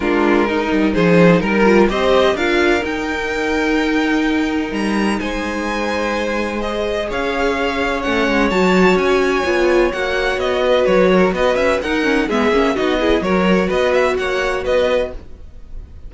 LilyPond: <<
  \new Staff \with { instrumentName = "violin" } { \time 4/4 \tempo 4 = 127 ais'2 c''4 ais'4 | dis''4 f''4 g''2~ | g''2 ais''4 gis''4~ | gis''2 dis''4 f''4~ |
f''4 fis''4 a''4 gis''4~ | gis''4 fis''4 dis''4 cis''4 | dis''8 e''8 fis''4 e''4 dis''4 | cis''4 dis''8 e''8 fis''4 dis''4 | }
  \new Staff \with { instrumentName = "violin" } { \time 4/4 f'4 dis'4 gis'4 ais'4 | c''4 ais'2.~ | ais'2. c''4~ | c''2. cis''4~ |
cis''1~ | cis''2~ cis''8 b'4 ais'8 | b'4 ais'4 gis'4 fis'8 gis'8 | ais'4 b'4 cis''4 b'4 | }
  \new Staff \with { instrumentName = "viola" } { \time 4/4 d'4 dis'2~ dis'8 f'8 | g'4 f'4 dis'2~ | dis'1~ | dis'2 gis'2~ |
gis'4 cis'4 fis'2 | f'4 fis'2.~ | fis'4 dis'8 cis'8 b8 cis'8 dis'8 e'8 | fis'1 | }
  \new Staff \with { instrumentName = "cello" } { \time 4/4 gis4. g8 f4 g4 | c'4 d'4 dis'2~ | dis'2 g4 gis4~ | gis2. cis'4~ |
cis'4 a8 gis8 fis4 cis'4 | b4 ais4 b4 fis4 | b8 cis'8 dis'4 gis8 ais8 b4 | fis4 b4 ais4 b4 | }
>>